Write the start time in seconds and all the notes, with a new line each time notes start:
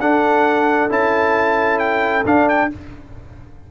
0.00 D4 A4 F#5
0.90 C#4 E4 A5
1.79 G5
2.25 D4 F5
2.49 G5